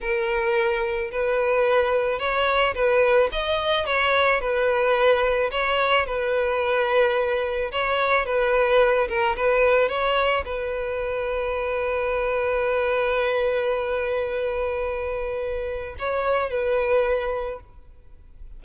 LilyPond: \new Staff \with { instrumentName = "violin" } { \time 4/4 \tempo 4 = 109 ais'2 b'2 | cis''4 b'4 dis''4 cis''4 | b'2 cis''4 b'4~ | b'2 cis''4 b'4~ |
b'8 ais'8 b'4 cis''4 b'4~ | b'1~ | b'1~ | b'4 cis''4 b'2 | }